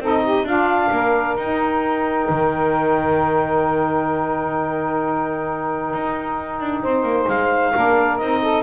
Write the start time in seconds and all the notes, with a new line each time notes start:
0.00 C4 D#4 A4 D#5
0.23 G4
0.43 D4 F4 F5
0.91 A#3 A#4
1.36 D#4 G5
2.30 D#3
5.93 D#4
6.60 D4
6.83 C4 C5
7.03 A#3
7.28 G#3 F5
7.73 A#3 D4 A#4
8.17 C4 D#4 D#5
8.41 A4